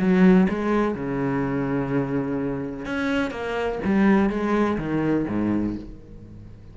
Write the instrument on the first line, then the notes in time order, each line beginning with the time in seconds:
cello
0.00 F#3
0.50 G#3
0.95 C#3
2.86 C#4
3.31 A#3
3.85 G3
4.30 G#3
4.79 D#3
5.29 G#2